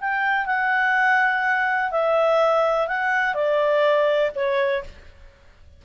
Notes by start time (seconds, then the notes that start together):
0.00 G5
0.46 F#5
1.91 E5
2.87 F#5
3.34 D5
4.35 C#5